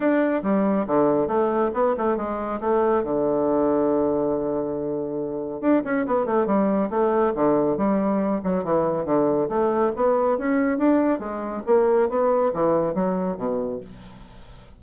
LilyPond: \new Staff \with { instrumentName = "bassoon" } { \time 4/4 \tempo 4 = 139 d'4 g4 d4 a4 | b8 a8 gis4 a4 d4~ | d1~ | d4 d'8 cis'8 b8 a8 g4 |
a4 d4 g4. fis8 | e4 d4 a4 b4 | cis'4 d'4 gis4 ais4 | b4 e4 fis4 b,4 | }